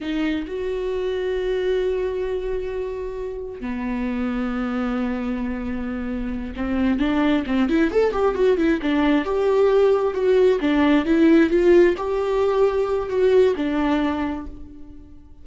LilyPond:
\new Staff \with { instrumentName = "viola" } { \time 4/4 \tempo 4 = 133 dis'4 fis'2.~ | fis'1 | b1~ | b2~ b8 c'4 d'8~ |
d'8 c'8 e'8 a'8 g'8 fis'8 e'8 d'8~ | d'8 g'2 fis'4 d'8~ | d'8 e'4 f'4 g'4.~ | g'4 fis'4 d'2 | }